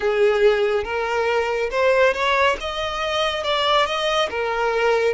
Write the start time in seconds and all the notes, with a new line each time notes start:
0.00 G#4
0.84 A#4
1.70 C5
2.13 C#5
2.60 D#5
3.43 D5
3.86 D#5
4.29 A#4